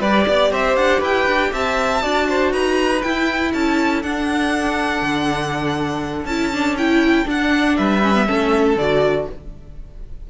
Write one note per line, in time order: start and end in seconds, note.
0.00 0.25 G3
0.00 2.01 G4
0.00 0.25 B4
0.00 0.51 D5
0.27 0.51 B3
0.27 0.52 D5
0.51 0.76 C4
0.51 1.00 C5
0.51 0.76 E5
0.76 1.01 D4
0.76 1.01 F#5
1.00 1.26 E4
1.00 1.50 B4
1.00 1.53 G5
1.26 1.51 D4
1.52 2.02 C4
1.52 2.02 E5
1.52 2.52 A5
2.01 2.52 D4
2.01 3.01 F#4
2.01 2.27 D5
2.29 2.52 C5
2.52 3.02 D#4
2.52 3.52 B4
2.52 3.01 A#5
3.01 4.03 E4
3.01 3.54 E4
3.01 3.51 G5
3.52 4.03 C#4
3.52 7.77 A4
3.52 4.02 A5
4.02 5.01 D4
4.02 6.28 D4
4.02 6.26 F#5
5.01 6.24 D3
6.24 7.24 C#4
6.24 6.53 E4
6.24 6.76 A5
6.53 6.78 D4
6.77 7.25 E4
6.77 7.27 G5
7.25 8.00 D4
7.25 7.77 D4
7.25 7.76 F#5
7.76 8.28 G3
7.76 8.27 B4
7.76 8.76 E5
8.02 8.14 C#4
8.14 8.26 B3
8.26 8.76 A3
8.26 8.76 C#4
8.26 9.27 A4
8.76 9.26 D3
8.76 9.30 F#4
8.76 9.27 D5